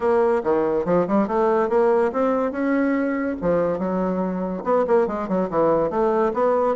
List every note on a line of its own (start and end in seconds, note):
0.00 0.42 A#3
0.43 0.85 D#3
0.85 1.06 F3
1.07 1.27 G3
1.27 1.69 A3
1.69 2.11 A#3
2.12 2.51 C4
2.51 3.36 C#4
3.41 3.78 F3
3.78 4.63 F#3
4.64 4.85 B3
4.87 5.07 A#3
5.07 5.28 G#3
5.28 5.49 F#3
5.49 5.90 E3
5.90 6.32 A3
6.33 6.75 B3